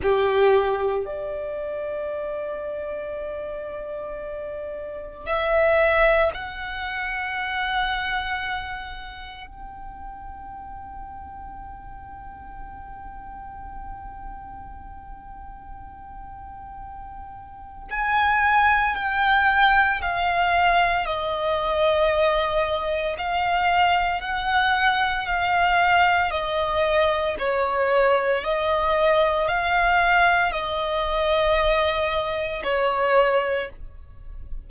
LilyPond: \new Staff \with { instrumentName = "violin" } { \time 4/4 \tempo 4 = 57 g'4 d''2.~ | d''4 e''4 fis''2~ | fis''4 g''2.~ | g''1~ |
g''4 gis''4 g''4 f''4 | dis''2 f''4 fis''4 | f''4 dis''4 cis''4 dis''4 | f''4 dis''2 cis''4 | }